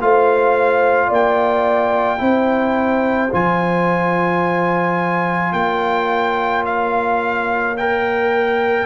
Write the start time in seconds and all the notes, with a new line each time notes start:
0.00 A3 F4 C5 F5
1.07 A#3 D5
1.13 G5
2.18 C4 E4 C5
3.31 F3 F4 G#5
5.52 A#3 C#5 G5
6.66 F5
7.77 A#4 G5